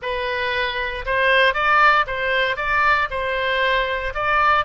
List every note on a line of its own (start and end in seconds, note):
0.01 1.05 B4
1.05 1.54 C5
1.54 2.05 D5
2.07 2.56 C5
2.56 3.08 D5
3.10 4.13 C5
4.14 4.65 D5